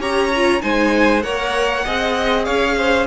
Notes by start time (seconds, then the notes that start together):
0.00 C#4 G4 C#5 A#5
0.36 F4
0.60 G#3 D#4 C5 G#5
1.22 A#3 A#4 C#5 F#5
1.85 C4 G#4 D#5
2.45 C#4 C#5 F5
2.77 C5